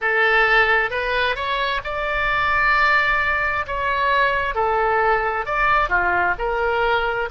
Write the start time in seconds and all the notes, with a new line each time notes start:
0.01 A4
0.90 B4
1.35 C#5
1.84 D5
3.67 C#5
4.55 A4
5.45 D5
5.88 F4
6.38 A#4